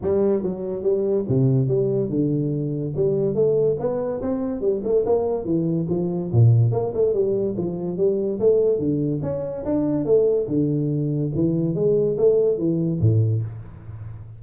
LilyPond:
\new Staff \with { instrumentName = "tuba" } { \time 4/4 \tempo 4 = 143 g4 fis4 g4 c4 | g4 d2 g4 | a4 b4 c'4 g8 a8 | ais4 e4 f4 ais,4 |
ais8 a8 g4 f4 g4 | a4 d4 cis'4 d'4 | a4 d2 e4 | gis4 a4 e4 a,4 | }